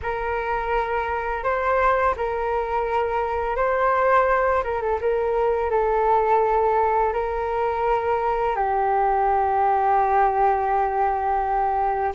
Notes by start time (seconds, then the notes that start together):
0.02 A#4
1.43 C5
2.16 A#4
3.56 C5
4.63 A#4
4.81 A4
5.00 A#4
5.70 A4
7.13 A#4
8.55 G4